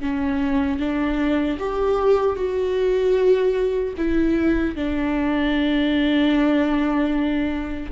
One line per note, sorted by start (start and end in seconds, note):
0.00 0.79 C#4
0.79 1.58 D4
1.59 2.36 G4
2.36 3.94 F#4
3.97 4.75 E4
4.75 7.91 D4